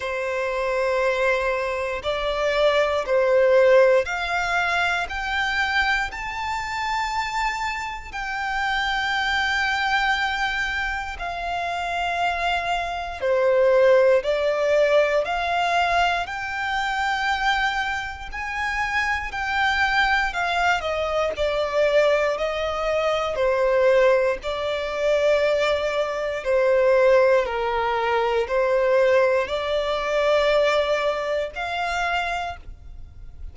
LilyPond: \new Staff \with { instrumentName = "violin" } { \time 4/4 \tempo 4 = 59 c''2 d''4 c''4 | f''4 g''4 a''2 | g''2. f''4~ | f''4 c''4 d''4 f''4 |
g''2 gis''4 g''4 | f''8 dis''8 d''4 dis''4 c''4 | d''2 c''4 ais'4 | c''4 d''2 f''4 | }